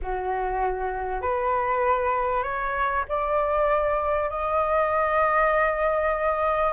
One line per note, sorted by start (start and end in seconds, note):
0.02 1.21 F#4
1.21 2.43 B4
2.43 3.04 C#5
3.08 4.29 D5
4.29 6.72 D#5